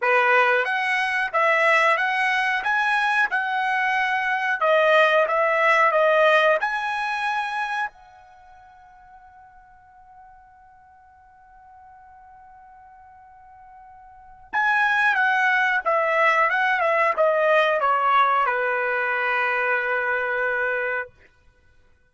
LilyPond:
\new Staff \with { instrumentName = "trumpet" } { \time 4/4 \tempo 4 = 91 b'4 fis''4 e''4 fis''4 | gis''4 fis''2 dis''4 | e''4 dis''4 gis''2 | fis''1~ |
fis''1~ | fis''2 gis''4 fis''4 | e''4 fis''8 e''8 dis''4 cis''4 | b'1 | }